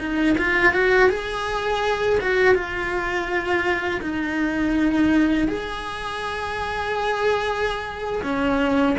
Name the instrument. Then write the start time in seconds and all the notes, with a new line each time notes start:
cello
0.00 D#4
0.38 F4
0.74 F#4
1.10 G#4
2.21 F#4
2.55 F4
4.02 D#4
5.48 G#4
8.24 C#4